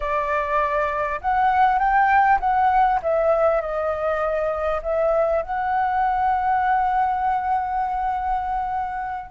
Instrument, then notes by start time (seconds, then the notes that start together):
flute
0.00 D5
1.21 F#5
1.78 G5
2.39 F#5
3.02 E5
3.61 D#5
4.82 E5
5.42 F#5